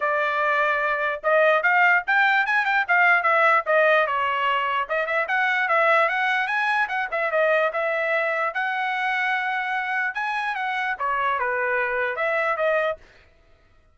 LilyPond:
\new Staff \with { instrumentName = "trumpet" } { \time 4/4 \tempo 4 = 148 d''2. dis''4 | f''4 g''4 gis''8 g''8 f''4 | e''4 dis''4 cis''2 | dis''8 e''8 fis''4 e''4 fis''4 |
gis''4 fis''8 e''8 dis''4 e''4~ | e''4 fis''2.~ | fis''4 gis''4 fis''4 cis''4 | b'2 e''4 dis''4 | }